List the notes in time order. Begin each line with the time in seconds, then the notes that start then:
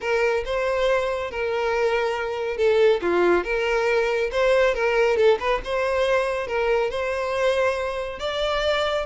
0.00 A#4
0.45 C5
1.31 A#4
2.57 A4
3.01 F4
3.44 A#4
4.31 C5
4.74 A#4
5.17 A4
5.39 B4
5.64 C5
6.47 A#4
6.90 C5
8.19 D5